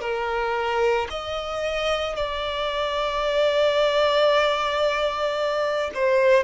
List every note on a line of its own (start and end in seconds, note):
0.00 1.07 A#4
1.10 2.16 D#5
2.16 5.91 D5
5.94 6.43 C5